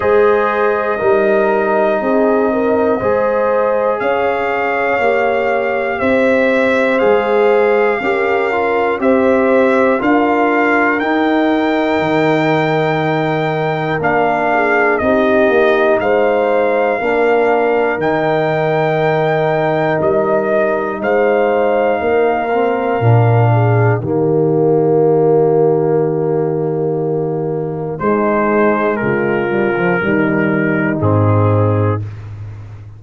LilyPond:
<<
  \new Staff \with { instrumentName = "trumpet" } { \time 4/4 \tempo 4 = 60 dis''1 | f''2 e''4 f''4~ | f''4 e''4 f''4 g''4~ | g''2 f''4 dis''4 |
f''2 g''2 | dis''4 f''2. | dis''1 | c''4 ais'2 gis'4 | }
  \new Staff \with { instrumentName = "horn" } { \time 4/4 c''4 ais'4 gis'8 ais'8 c''4 | cis''2 c''2 | ais'4 c''4 ais'2~ | ais'2~ ais'8 gis'8 g'4 |
c''4 ais'2.~ | ais'4 c''4 ais'4. gis'8 | g'1 | dis'4 f'4 dis'2 | }
  \new Staff \with { instrumentName = "trombone" } { \time 4/4 gis'4 dis'2 gis'4~ | gis'4 g'2 gis'4 | g'8 f'8 g'4 f'4 dis'4~ | dis'2 d'4 dis'4~ |
dis'4 d'4 dis'2~ | dis'2~ dis'8 c'8 d'4 | ais1 | gis4. g16 f16 g4 c'4 | }
  \new Staff \with { instrumentName = "tuba" } { \time 4/4 gis4 g4 c'4 gis4 | cis'4 ais4 c'4 gis4 | cis'4 c'4 d'4 dis'4 | dis2 ais4 c'8 ais8 |
gis4 ais4 dis2 | g4 gis4 ais4 ais,4 | dis1 | gis4 cis4 dis4 gis,4 | }
>>